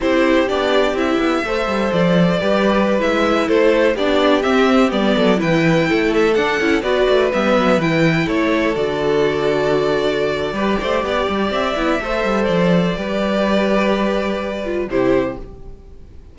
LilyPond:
<<
  \new Staff \with { instrumentName = "violin" } { \time 4/4 \tempo 4 = 125 c''4 d''4 e''2 | d''2~ d''16 e''4 c''8.~ | c''16 d''4 e''4 d''4 g''8.~ | g''8. e''8 fis''4 d''4 e''8.~ |
e''16 g''4 cis''4 d''4.~ d''16~ | d''1 | e''2 d''2~ | d''2. c''4 | }
  \new Staff \with { instrumentName = "violin" } { \time 4/4 g'2. c''4~ | c''4 b'2~ b'16 a'8.~ | a'16 g'2~ g'8 a'8 b'8.~ | b'16 a'2 b'4.~ b'16~ |
b'4~ b'16 a'2~ a'8.~ | a'2 b'8 c''8 d''4~ | d''4 c''2 b'4~ | b'2. g'4 | }
  \new Staff \with { instrumentName = "viola" } { \time 4/4 e'4 d'4 e'4 a'4~ | a'4 g'4~ g'16 e'4.~ e'16~ | e'16 d'4 c'4 b4 e'8.~ | e'4~ e'16 d'8 e'8 fis'4 b8.~ |
b16 e'2 fis'4.~ fis'16~ | fis'2 g'2~ | g'8 e'8 a'2 g'4~ | g'2~ g'8 f'8 e'4 | }
  \new Staff \with { instrumentName = "cello" } { \time 4/4 c'4 b4 c'8 b8 a8 g8 | f4 g4~ g16 gis4 a8.~ | a16 b4 c'4 g8 fis8 e8.~ | e16 a4 d'8 cis'8 b8 a8 g8 fis16~ |
fis16 e4 a4 d4.~ d16~ | d2 g8 a8 b8 g8 | c'8 b8 a8 g8 f4 g4~ | g2. c4 | }
>>